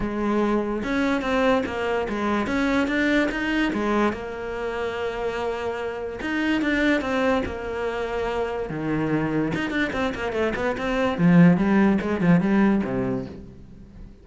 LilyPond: \new Staff \with { instrumentName = "cello" } { \time 4/4 \tempo 4 = 145 gis2 cis'4 c'4 | ais4 gis4 cis'4 d'4 | dis'4 gis4 ais2~ | ais2. dis'4 |
d'4 c'4 ais2~ | ais4 dis2 dis'8 d'8 | c'8 ais8 a8 b8 c'4 f4 | g4 gis8 f8 g4 c4 | }